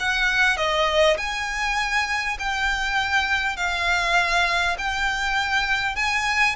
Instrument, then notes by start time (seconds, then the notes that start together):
violin
0.00 F#5
0.58 D#5
1.18 G#5
2.39 G5
3.57 F5
4.79 G5
5.96 G#5